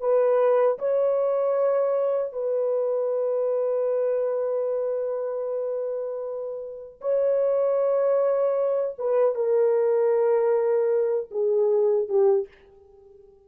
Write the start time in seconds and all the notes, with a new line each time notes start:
0.00 B4
0.79 C#5
2.33 B4
7.01 C#5
8.98 B4
9.35 A#4
11.31 G#4
12.08 G4